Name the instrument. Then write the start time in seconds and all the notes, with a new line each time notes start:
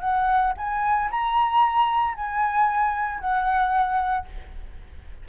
flute
0.00 F#5
0.57 G#5
1.11 A#5
2.15 G#5
3.20 F#5